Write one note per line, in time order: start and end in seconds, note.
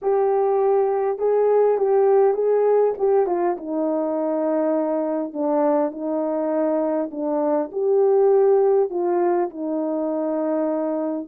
0.02 1.18 G4
1.18 1.77 G#4
1.77 2.33 G4
2.33 2.93 G#4
2.98 3.26 G4
3.26 3.56 F4
3.57 5.33 D#4
5.33 5.91 D4
5.91 7.10 D#4
7.11 7.70 D4
7.71 8.90 G4
8.90 9.49 F4
9.50 11.27 D#4